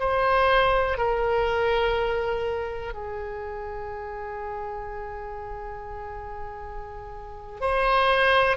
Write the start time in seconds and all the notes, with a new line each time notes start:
0.00 C5
0.98 A#4
2.94 G#4
7.61 C5